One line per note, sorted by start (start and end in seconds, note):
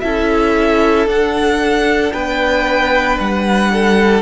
0.00 1.06 C#4
0.00 1.08 E4
0.00 2.13 A4
0.00 1.05 E5
1.06 2.11 D4
1.06 4.22 D4
1.06 2.12 F#5
2.12 3.18 B3
2.12 3.71 B4
2.12 3.18 G5
3.19 4.22 G3
3.19 4.22 F#5
3.72 4.22 A4